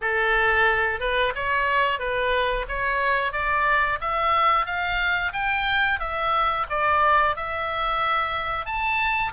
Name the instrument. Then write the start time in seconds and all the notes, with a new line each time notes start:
oboe
0.01 A4
0.99 B4
1.35 C#5
1.99 B4
2.68 C#5
3.32 D5
4.00 E5
4.65 F5
5.32 G5
5.99 E5
6.69 D5
7.36 E5
8.65 A5